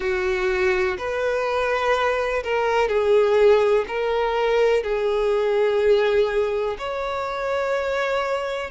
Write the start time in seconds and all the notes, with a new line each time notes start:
0.00 F#4
0.98 B4
2.43 A#4
2.88 G#4
3.87 A#4
4.83 G#4
6.78 C#5